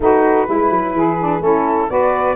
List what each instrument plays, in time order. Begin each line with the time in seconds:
0.00 tuba A3, saxophone D#4 F#4, flute B4
0.46 tuba G#3, saxophone E4
0.70 tuba F#3
0.93 tuba E3, saxophone G#4
1.19 saxophone D4
1.39 tuba A3, saxophone C#4 E4, flute A4
1.88 tuba B3, saxophone F#4 B4, flute D5